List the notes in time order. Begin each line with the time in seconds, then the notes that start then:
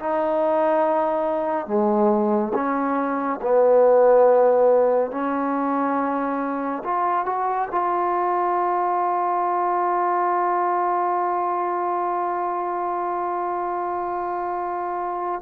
0.00 D#4
1.67 G#3
2.54 C#4
3.42 B3
5.12 C#4
6.84 F4
7.26 F#4
7.71 F4